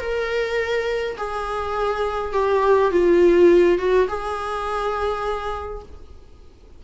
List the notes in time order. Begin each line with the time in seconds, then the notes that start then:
0.00 A#4
1.17 G#4
2.33 G4
2.91 F4
3.79 F#4
4.08 G#4